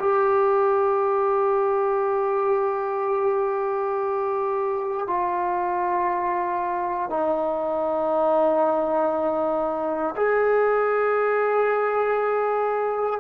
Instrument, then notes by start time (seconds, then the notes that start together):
trombone
0.00 G4
5.07 F4
7.10 D#4
10.16 G#4